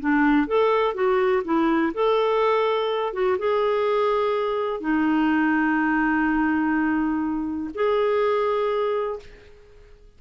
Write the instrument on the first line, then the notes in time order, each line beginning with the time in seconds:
clarinet
0.00 D4
0.47 A4
0.95 F#4
1.45 E4
1.94 A4
3.13 F#4
3.38 G#4
4.80 D#4
7.74 G#4